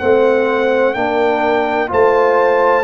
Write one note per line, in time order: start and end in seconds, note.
0.00 0.95 A3
0.00 0.95 C4
0.00 0.96 C5
0.00 0.94 F#5
0.94 1.91 A#3
0.94 1.88 D4
0.94 1.91 A#4
0.94 1.89 G5
1.88 2.85 A3
1.88 2.83 F4
1.88 2.85 C5
1.88 2.85 A5